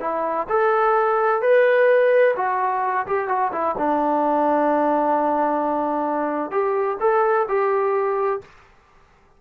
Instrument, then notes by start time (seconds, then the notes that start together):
trombone
0.00 E4
0.49 A4
1.41 B4
2.36 F#4
3.06 G4
3.28 F#4
3.52 E4
3.78 D4
6.51 G4
7.00 A4
7.48 G4